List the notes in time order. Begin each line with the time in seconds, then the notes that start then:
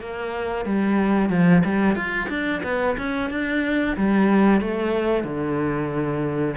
0.00 A#3
0.65 G3
1.29 F3
1.65 G3
1.95 F4
2.29 D4
2.63 B3
2.97 C#4
3.30 D4
3.96 G3
4.61 A3
5.24 D3